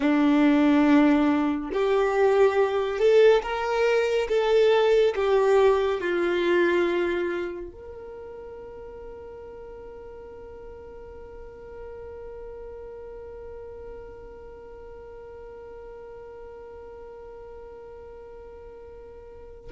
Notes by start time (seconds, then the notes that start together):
0.00 D4
1.72 G4
2.99 A4
3.42 A#4
4.29 A4
5.15 G4
6.00 F4
7.71 A#4